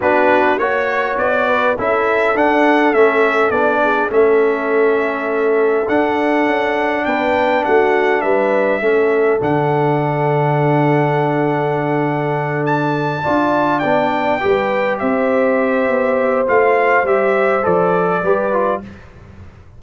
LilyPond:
<<
  \new Staff \with { instrumentName = "trumpet" } { \time 4/4 \tempo 4 = 102 b'4 cis''4 d''4 e''4 | fis''4 e''4 d''4 e''4~ | e''2 fis''2 | g''4 fis''4 e''2 |
fis''1~ | fis''4. a''2 g''8~ | g''4. e''2~ e''8 | f''4 e''4 d''2 | }
  \new Staff \with { instrumentName = "horn" } { \time 4/4 fis'4 cis''4. b'8 a'4~ | a'2~ a'8 gis'8 a'4~ | a'1 | b'4 fis'4 b'4 a'4~ |
a'1~ | a'2~ a'8 d''4.~ | d''8 b'4 c''2~ c''8~ | c''2. b'4 | }
  \new Staff \with { instrumentName = "trombone" } { \time 4/4 d'4 fis'2 e'4 | d'4 cis'4 d'4 cis'4~ | cis'2 d'2~ | d'2. cis'4 |
d'1~ | d'2~ d'8 f'4 d'8~ | d'8 g'2.~ g'8 | f'4 g'4 a'4 g'8 f'8 | }
  \new Staff \with { instrumentName = "tuba" } { \time 4/4 b4 ais4 b4 cis'4 | d'4 a4 b4 a4~ | a2 d'4 cis'4 | b4 a4 g4 a4 |
d1~ | d2~ d8 d'4 b8~ | b8 g4 c'4. b4 | a4 g4 f4 g4 | }
>>